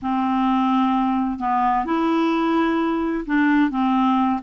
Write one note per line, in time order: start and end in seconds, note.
0.01 1.39 C4
1.39 1.85 B3
1.85 3.24 E4
3.26 3.70 D4
3.70 4.40 C4